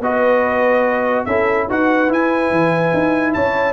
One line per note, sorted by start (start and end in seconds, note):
0.00 1.25 B3
0.00 1.28 F#4
0.00 1.27 B4
0.00 1.25 D#5
1.25 1.69 C#4
1.25 1.69 E4
1.25 1.68 A4
1.25 1.67 E5
1.69 2.09 D#4
1.69 2.09 F#4
1.69 3.34 B4
1.69 2.13 F#5
2.09 3.73 E4
2.09 2.51 E4
2.09 3.34 G#5
2.51 2.93 E3
2.93 3.35 D#4
3.34 3.73 C#4
3.34 3.73 C#5
3.34 3.73 A5